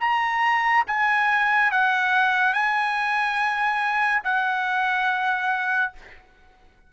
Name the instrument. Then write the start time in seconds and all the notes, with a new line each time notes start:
trumpet
0.00 A#5
0.87 G#5
1.71 F#5
2.53 G#5
4.24 F#5